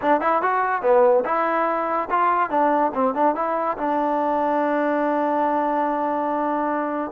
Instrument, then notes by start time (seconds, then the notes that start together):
trombone
0.01 D4
0.20 E4
0.42 F#4
0.82 B3
1.25 E4
2.09 F4
2.50 D4
2.94 C4
3.14 D4
3.35 E4
3.77 D4